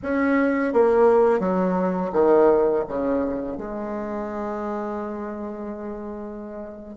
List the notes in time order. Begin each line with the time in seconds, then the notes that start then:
0.02 C#4
0.73 A#3
1.39 F#3
2.12 D#3
2.87 C#3
3.57 G#3